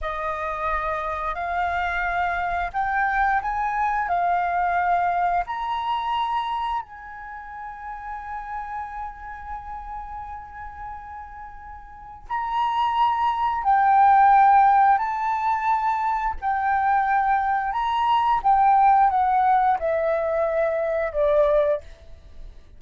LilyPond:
\new Staff \with { instrumentName = "flute" } { \time 4/4 \tempo 4 = 88 dis''2 f''2 | g''4 gis''4 f''2 | ais''2 gis''2~ | gis''1~ |
gis''2 ais''2 | g''2 a''2 | g''2 ais''4 g''4 | fis''4 e''2 d''4 | }